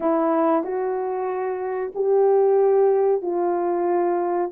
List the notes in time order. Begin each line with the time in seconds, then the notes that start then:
0.00 E4
0.63 F#4
1.94 G4
3.22 F4